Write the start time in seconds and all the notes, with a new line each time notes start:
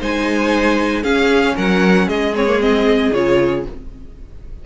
0.00 G#3 D#4 C5 G#5
1.03 C#4 G#4 F5
1.55 F#3 A#4 F#5
2.07 G#3 G#4 D#5
2.35 C4 C#5
2.47 A#3
2.60 C4 D#5
3.14 C#3 F4 C#5